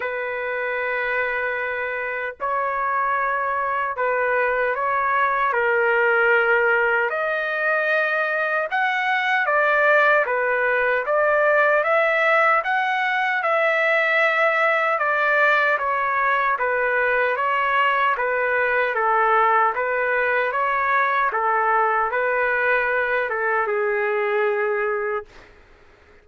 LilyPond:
\new Staff \with { instrumentName = "trumpet" } { \time 4/4 \tempo 4 = 76 b'2. cis''4~ | cis''4 b'4 cis''4 ais'4~ | ais'4 dis''2 fis''4 | d''4 b'4 d''4 e''4 |
fis''4 e''2 d''4 | cis''4 b'4 cis''4 b'4 | a'4 b'4 cis''4 a'4 | b'4. a'8 gis'2 | }